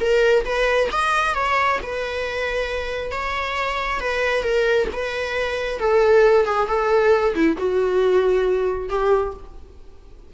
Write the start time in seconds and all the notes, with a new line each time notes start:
0.00 A#4
0.45 B4
0.91 D#5
1.34 C#5
1.82 B4
3.11 C#5
4.00 B4
4.43 A#4
4.92 B4
5.79 A4
6.45 G#4
6.67 A4
7.34 E4
7.57 F#4
8.88 G4